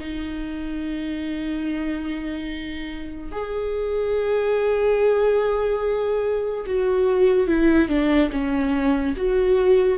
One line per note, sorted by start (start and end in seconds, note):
0.00 3.32 D#4
3.32 6.66 G#4
6.67 7.48 F#4
7.48 7.89 E4
7.89 8.31 D4
8.32 9.15 C#4
9.17 9.98 F#4